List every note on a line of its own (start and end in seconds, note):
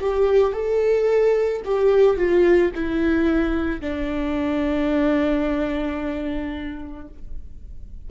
0.00 0.53 G4
0.53 1.62 A4
1.65 2.17 G4
2.17 2.71 F4
2.75 3.81 E4
3.81 7.08 D4